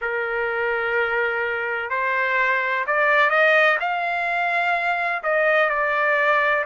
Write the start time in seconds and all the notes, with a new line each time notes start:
0.01 A#4
1.90 C5
2.87 D5
3.29 D#5
3.80 F5
5.23 D#5
5.69 D5